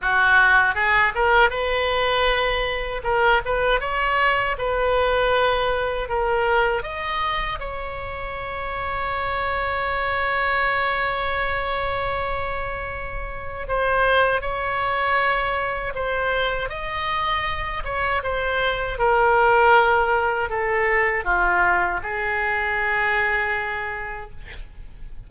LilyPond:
\new Staff \with { instrumentName = "oboe" } { \time 4/4 \tempo 4 = 79 fis'4 gis'8 ais'8 b'2 | ais'8 b'8 cis''4 b'2 | ais'4 dis''4 cis''2~ | cis''1~ |
cis''2 c''4 cis''4~ | cis''4 c''4 dis''4. cis''8 | c''4 ais'2 a'4 | f'4 gis'2. | }